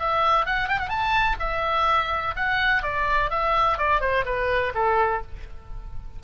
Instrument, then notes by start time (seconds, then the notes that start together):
oboe
0.00 E5
0.46 F#5
0.68 G5
0.80 F#5
0.90 A5
1.40 E5
2.36 F#5
2.83 D5
3.31 E5
3.78 D5
4.01 C5
4.26 B4
4.75 A4